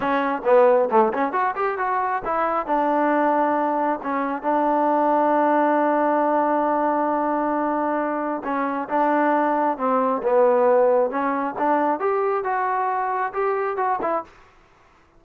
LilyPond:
\new Staff \with { instrumentName = "trombone" } { \time 4/4 \tempo 4 = 135 cis'4 b4 a8 cis'8 fis'8 g'8 | fis'4 e'4 d'2~ | d'4 cis'4 d'2~ | d'1~ |
d'2. cis'4 | d'2 c'4 b4~ | b4 cis'4 d'4 g'4 | fis'2 g'4 fis'8 e'8 | }